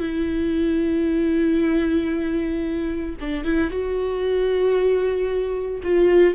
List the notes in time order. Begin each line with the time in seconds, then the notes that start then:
0.00 E4
3.20 D4
3.44 E4
3.71 F#4
5.83 F4